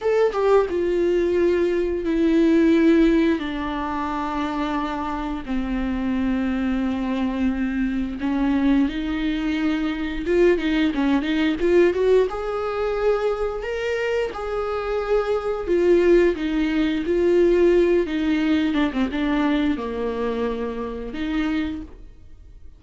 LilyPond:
\new Staff \with { instrumentName = "viola" } { \time 4/4 \tempo 4 = 88 a'8 g'8 f'2 e'4~ | e'4 d'2. | c'1 | cis'4 dis'2 f'8 dis'8 |
cis'8 dis'8 f'8 fis'8 gis'2 | ais'4 gis'2 f'4 | dis'4 f'4. dis'4 d'16 c'16 | d'4 ais2 dis'4 | }